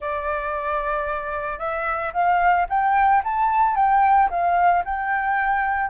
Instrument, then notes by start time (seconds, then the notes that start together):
flute
0.00 D5
1.59 E5
2.13 F5
2.69 G5
3.24 A5
3.75 G5
4.30 F5
4.84 G5